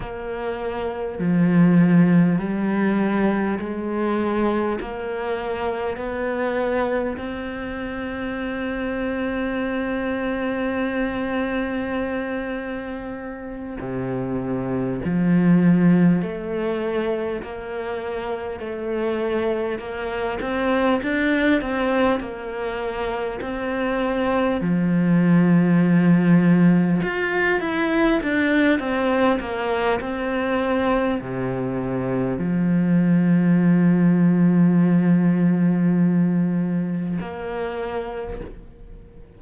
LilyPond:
\new Staff \with { instrumentName = "cello" } { \time 4/4 \tempo 4 = 50 ais4 f4 g4 gis4 | ais4 b4 c'2~ | c'2.~ c'8 c8~ | c8 f4 a4 ais4 a8~ |
a8 ais8 c'8 d'8 c'8 ais4 c'8~ | c'8 f2 f'8 e'8 d'8 | c'8 ais8 c'4 c4 f4~ | f2. ais4 | }